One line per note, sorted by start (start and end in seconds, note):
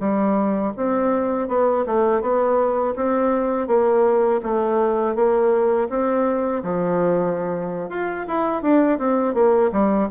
0.00 0.73 G3
0.77 1.49 C4
1.49 1.85 B3
1.87 2.22 A3
2.22 2.95 B3
2.96 3.68 C4
3.68 4.41 A#3
4.43 5.16 A3
5.16 5.89 A#3
5.90 6.63 C4
6.64 7.90 F3
7.90 8.26 F4
8.28 8.63 E4
8.63 8.99 D4
8.99 9.35 C4
9.35 9.71 A#3
9.73 10.09 G3